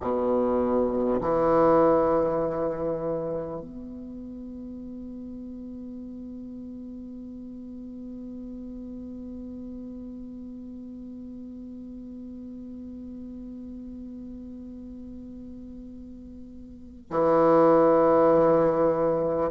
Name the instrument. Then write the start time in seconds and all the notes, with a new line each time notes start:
bassoon
0.00 B2
1.20 E3
3.61 B3
17.10 E3